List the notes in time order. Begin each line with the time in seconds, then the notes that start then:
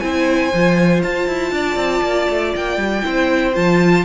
0.00 C4 E4 C5 G#5
0.54 F3 F4
1.03 F4 A5
1.28 E4
1.52 D4 D5
1.76 C4
2.02 A#3
2.30 A3
2.56 A#3 G5
2.78 G3
3.02 C4 E4 C5
3.55 F3 F4 A5